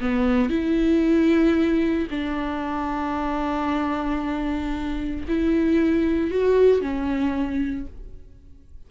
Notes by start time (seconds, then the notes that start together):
0.00 B3
0.50 E4
2.10 D4
5.28 E4
6.30 F#4
6.81 C#4